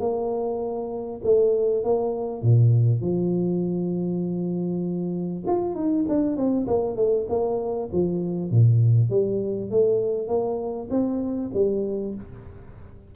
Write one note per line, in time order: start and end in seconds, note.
0.00 1.21 A#3
1.24 1.84 A3
1.84 2.42 A#3
2.42 3.01 A#2
3.01 5.44 F3
5.47 5.75 F4
5.75 6.06 D#4
6.09 6.37 D4
6.37 6.67 C4
6.67 6.96 A#3
6.96 7.27 A3
7.29 7.90 A#3
7.93 8.51 F3
8.51 9.10 A#2
9.10 9.71 G3
9.71 10.28 A3
10.28 10.89 A#3
10.90 11.51 C4
11.54 12.15 G3